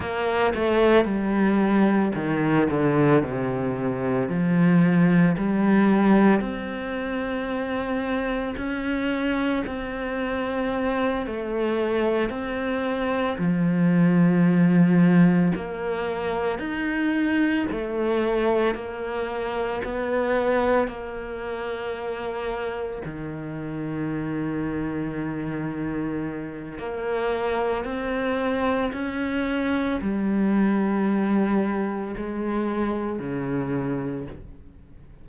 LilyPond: \new Staff \with { instrumentName = "cello" } { \time 4/4 \tempo 4 = 56 ais8 a8 g4 dis8 d8 c4 | f4 g4 c'2 | cis'4 c'4. a4 c'8~ | c'8 f2 ais4 dis'8~ |
dis'8 a4 ais4 b4 ais8~ | ais4. dis2~ dis8~ | dis4 ais4 c'4 cis'4 | g2 gis4 cis4 | }